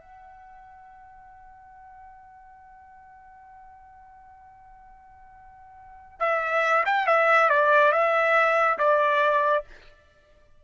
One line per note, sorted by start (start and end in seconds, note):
0.00 6.19 F#5
6.19 6.84 E5
6.86 7.06 G5
7.06 7.49 E5
7.50 7.92 D5
7.92 8.78 E5
8.78 9.64 D5